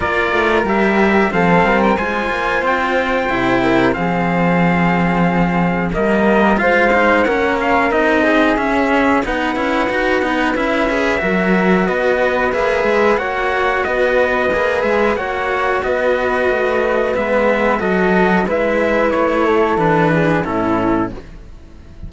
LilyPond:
<<
  \new Staff \with { instrumentName = "trumpet" } { \time 4/4 \tempo 4 = 91 d''4 e''4 f''8. g''16 gis''4 | g''2 f''2~ | f''4 dis''4 f''4 fis''8 f''8 | dis''4 e''4 fis''2 |
e''2 dis''4 e''4 | fis''4 dis''4. e''8 fis''4 | dis''2 e''4 dis''4 | e''4 cis''4 b'4 a'4 | }
  \new Staff \with { instrumentName = "flute" } { \time 4/4 ais'2 a'8 ais'8 c''4~ | c''4. ais'8 gis'2~ | gis'4 ais'4 c''4 ais'4~ | ais'8 gis'4. b'2~ |
b'4 ais'4 b'2 | cis''4 b'2 cis''4 | b'2. a'4 | b'4. a'4 gis'8 e'4 | }
  \new Staff \with { instrumentName = "cello" } { \time 4/4 f'4 g'4 c'4 f'4~ | f'4 e'4 c'2~ | c'4 ais4 f'8 dis'8 cis'4 | dis'4 cis'4 dis'8 e'8 fis'8 dis'8 |
e'8 gis'8 fis'2 gis'4 | fis'2 gis'4 fis'4~ | fis'2 b4 fis'4 | e'2 d'4 cis'4 | }
  \new Staff \with { instrumentName = "cello" } { \time 4/4 ais8 a8 g4 f8 g8 gis8 ais8 | c'4 c4 f2~ | f4 g4 gis4 ais4 | c'4 cis'4 b8 cis'8 dis'8 b8 |
cis'4 fis4 b4 ais8 gis8 | ais4 b4 ais8 gis8 ais4 | b4 a4 gis4 fis4 | gis4 a4 e4 a,4 | }
>>